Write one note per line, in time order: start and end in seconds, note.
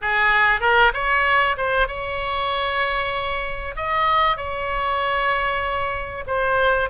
0.01 0.60 G#4
0.60 0.91 A#4
0.93 1.56 C#5
1.57 1.87 C5
1.87 3.75 C#5
3.76 4.36 D#5
4.36 6.24 C#5
6.27 6.89 C5